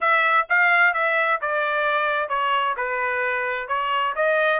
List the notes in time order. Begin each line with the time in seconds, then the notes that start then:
0.00 E5
0.49 F5
0.93 E5
1.41 D5
2.28 C#5
2.77 B4
3.67 C#5
4.15 D#5